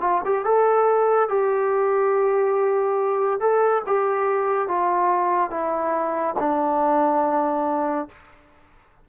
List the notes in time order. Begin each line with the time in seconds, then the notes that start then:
0.00 F4
0.25 G4
0.44 A4
1.29 G4
3.40 A4
3.86 G4
4.67 F4
5.50 E4
6.39 D4